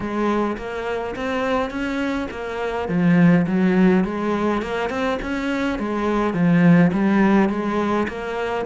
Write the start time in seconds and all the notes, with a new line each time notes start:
0.00 G#3
0.57 A#3
1.15 C4
1.70 C#4
2.30 A#3
2.88 F3
3.46 F#3
4.04 G#3
4.62 A#3
4.89 C4
5.22 C#4
5.78 G#3
6.33 F3
6.93 G3
7.49 G#3
8.08 A#3